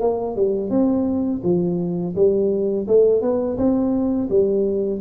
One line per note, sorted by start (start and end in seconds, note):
0.00 0.36 A#3
0.36 0.70 G3
0.70 1.41 C4
1.43 2.15 F3
2.15 2.87 G3
2.87 3.21 A3
3.21 3.57 B3
3.57 4.29 C4
4.29 5.00 G3